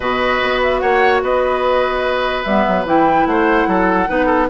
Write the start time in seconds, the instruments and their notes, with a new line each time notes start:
0.00 bassoon B2, clarinet F#4, oboe B4, flute D#5
0.42 bassoon B3
0.63 flute E5
0.79 bassoon A#3, oboe C#5, flute F#5
1.22 bassoon B3, oboe B4, flute D#5
2.43 bassoon G3, clarinet B3, flute E5
2.67 bassoon F#3
2.85 bassoon E3, clarinet E4, flute G5
3.26 bassoon A3, oboe C5, flute F#5
3.67 bassoon F#3, oboe A4
4.07 bassoon B3, clarinet D#4, oboe B4
4.25 oboe A4